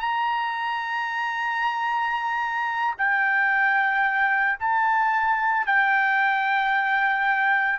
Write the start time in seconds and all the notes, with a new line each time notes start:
0.00 A#5
2.98 G5
4.59 A5
5.66 G5